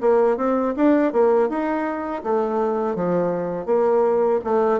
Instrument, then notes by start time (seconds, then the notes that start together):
bassoon
0.00 A#3
0.37 C4
0.76 D4
1.12 A#3
1.48 D#4
2.23 A3
2.95 F3
3.66 A#3
4.44 A3